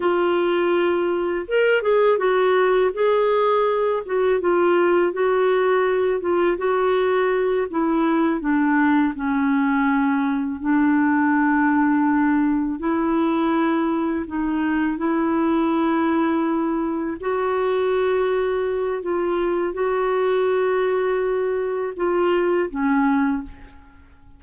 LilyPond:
\new Staff \with { instrumentName = "clarinet" } { \time 4/4 \tempo 4 = 82 f'2 ais'8 gis'8 fis'4 | gis'4. fis'8 f'4 fis'4~ | fis'8 f'8 fis'4. e'4 d'8~ | d'8 cis'2 d'4.~ |
d'4. e'2 dis'8~ | dis'8 e'2. fis'8~ | fis'2 f'4 fis'4~ | fis'2 f'4 cis'4 | }